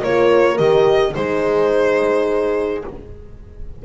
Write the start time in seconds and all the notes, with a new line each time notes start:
0.00 A#3 F4 A#4 C#5
0.57 D#3 G4 D#5
1.15 G#3 D#4 G#4 C5